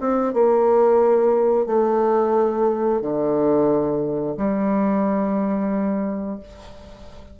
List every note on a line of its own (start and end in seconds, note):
0.00 0.33 C4
0.33 1.66 A#3
1.66 3.01 A3
3.01 4.36 D3
4.37 6.39 G3